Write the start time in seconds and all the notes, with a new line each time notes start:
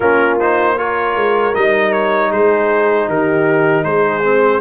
0.00 A#3 C#4 F4 A#4
0.39 D#4 C5
0.77 F4 A#4 C#5
1.15 G#3
1.54 G3 D#4 D#5
1.92 C#5
2.30 G#3 G#4 C5
3.08 D#3 G4 A#4
3.84 G#3 G#4 C5
4.23 C4